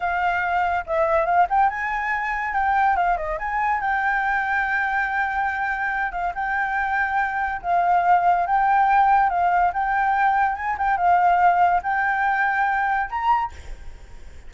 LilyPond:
\new Staff \with { instrumentName = "flute" } { \time 4/4 \tempo 4 = 142 f''2 e''4 f''8 g''8 | gis''2 g''4 f''8 dis''8 | gis''4 g''2.~ | g''2~ g''8 f''8 g''4~ |
g''2 f''2 | g''2 f''4 g''4~ | g''4 gis''8 g''8 f''2 | g''2. ais''4 | }